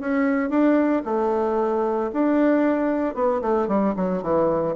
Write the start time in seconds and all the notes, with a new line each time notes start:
0.00 C#4
0.50 D4
1.05 A3
2.13 D4
3.15 B3
3.41 A3
3.68 G3
3.96 F#3
4.23 E3